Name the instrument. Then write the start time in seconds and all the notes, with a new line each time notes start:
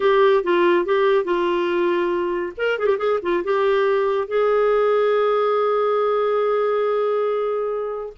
clarinet
0.00 G4
0.43 F4
0.85 G4
1.24 F4
2.57 A#4
2.78 G#4
2.86 G4
2.98 G#4
3.22 F4
3.44 G4
4.27 G#4